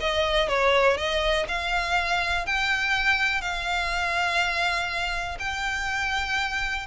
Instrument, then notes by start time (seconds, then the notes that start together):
violin
0.00 D#5
0.48 C#5
0.97 D#5
1.48 F5
2.46 G5
3.41 F5
5.39 G5